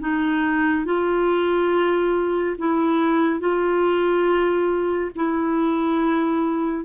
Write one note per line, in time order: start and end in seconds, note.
0.00 0.85 D#4
0.85 2.56 F4
2.58 3.40 E4
3.40 5.11 F4
5.15 6.85 E4